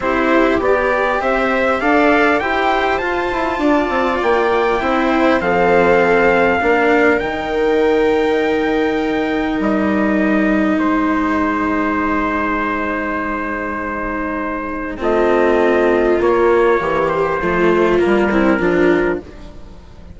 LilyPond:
<<
  \new Staff \with { instrumentName = "trumpet" } { \time 4/4 \tempo 4 = 100 c''4 d''4 e''4 f''4 | g''4 a''2 g''4~ | g''4 f''2. | g''1 |
dis''2 c''2~ | c''1~ | c''4 dis''2 cis''4~ | cis''8 c''4. ais'2 | }
  \new Staff \with { instrumentName = "viola" } { \time 4/4 g'2 c''4 d''4 | c''2 d''2 | c''4 a'2 ais'4~ | ais'1~ |
ais'2 gis'2~ | gis'1~ | gis'4 f'2. | g'4 f'4. e'8 f'4 | }
  \new Staff \with { instrumentName = "cello" } { \time 4/4 e'4 g'2 a'4 | g'4 f'2. | e'4 c'2 d'4 | dis'1~ |
dis'1~ | dis'1~ | dis'4 c'2 ais4~ | ais4 a4 ais8 c'8 d'4 | }
  \new Staff \with { instrumentName = "bassoon" } { \time 4/4 c'4 b4 c'4 d'4 | e'4 f'8 e'8 d'8 c'8 ais4 | c'4 f2 ais4 | dis1 |
g2 gis2~ | gis1~ | gis4 a2 ais4 | e4 f4 g4 f4 | }
>>